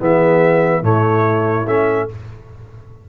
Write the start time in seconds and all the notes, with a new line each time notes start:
0.00 E3 B3 G#4 E5
0.82 A2 A3 E4 C#5
1.66 A3 C#4 E5